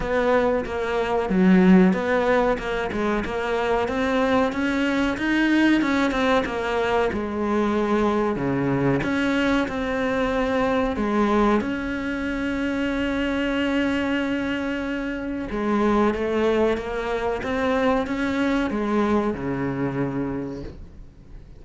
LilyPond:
\new Staff \with { instrumentName = "cello" } { \time 4/4 \tempo 4 = 93 b4 ais4 fis4 b4 | ais8 gis8 ais4 c'4 cis'4 | dis'4 cis'8 c'8 ais4 gis4~ | gis4 cis4 cis'4 c'4~ |
c'4 gis4 cis'2~ | cis'1 | gis4 a4 ais4 c'4 | cis'4 gis4 cis2 | }